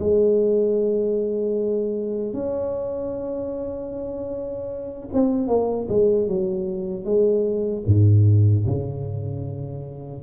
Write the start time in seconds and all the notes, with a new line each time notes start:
0.00 G#3
2.34 C#4
5.14 C4
5.48 A#3
5.89 G#3
6.28 F#3
7.05 G#3
7.87 G#2
8.67 C#3